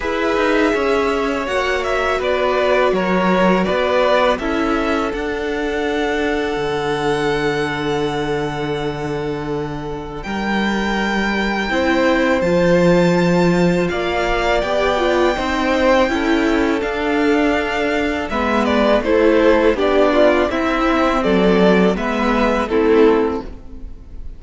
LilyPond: <<
  \new Staff \with { instrumentName = "violin" } { \time 4/4 \tempo 4 = 82 e''2 fis''8 e''8 d''4 | cis''4 d''4 e''4 fis''4~ | fis''1~ | fis''2 g''2~ |
g''4 a''2 f''4 | g''2. f''4~ | f''4 e''8 d''8 c''4 d''4 | e''4 d''4 e''4 a'4 | }
  \new Staff \with { instrumentName = "violin" } { \time 4/4 b'4 cis''2 b'4 | ais'4 b'4 a'2~ | a'1~ | a'2 ais'2 |
c''2. d''4~ | d''4 c''4 a'2~ | a'4 b'4 a'4 g'8 f'8 | e'4 a'4 b'4 e'4 | }
  \new Staff \with { instrumentName = "viola" } { \time 4/4 gis'2 fis'2~ | fis'2 e'4 d'4~ | d'1~ | d'1 |
e'4 f'2. | g'8 f'8 dis'4 e'4 d'4~ | d'4 b4 e'4 d'4 | c'2 b4 c'4 | }
  \new Staff \with { instrumentName = "cello" } { \time 4/4 e'8 dis'8 cis'4 ais4 b4 | fis4 b4 cis'4 d'4~ | d'4 d2.~ | d2 g2 |
c'4 f2 ais4 | b4 c'4 cis'4 d'4~ | d'4 gis4 a4 b4 | c'4 fis4 gis4 a4 | }
>>